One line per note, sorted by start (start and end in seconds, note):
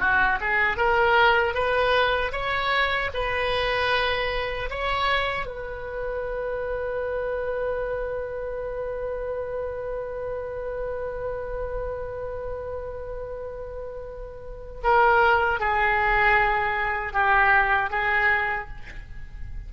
0.00 0.39 F#4
0.40 0.77 G#4
0.77 1.54 A#4
1.54 2.32 B4
2.32 3.10 C#5
3.13 4.69 B4
4.70 5.46 C#5
5.46 14.81 B4
14.83 15.60 A#4
15.60 17.13 G#4
17.13 17.90 G4
17.90 18.68 G#4